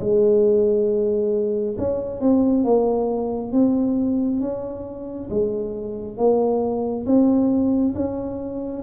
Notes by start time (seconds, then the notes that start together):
0.00 G#3
1.78 C#4
2.20 C4
2.64 A#3
3.52 C4
4.40 C#4
5.30 G#3
6.17 A#3
7.06 C4
7.95 C#4